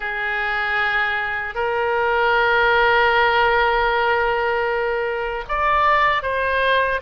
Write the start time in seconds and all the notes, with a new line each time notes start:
0.00 G#4
1.54 A#4
5.48 D5
6.22 C5